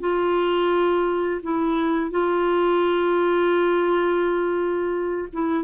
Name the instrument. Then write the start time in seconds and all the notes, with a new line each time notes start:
clarinet
0.00 F4
1.43 E4
2.11 F4
5.33 E4